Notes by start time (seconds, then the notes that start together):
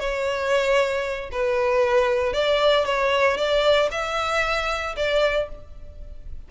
0.00 C#5
1.32 B4
2.33 D5
2.86 C#5
3.37 D5
3.92 E5
4.97 D5